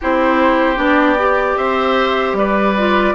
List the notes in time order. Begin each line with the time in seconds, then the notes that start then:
0.00 C4 E4 G4 C5
0.76 B3 D4 D5
1.19 G4
1.56 C4 C5 E5
2.33 G3 B4 D5
2.77 F4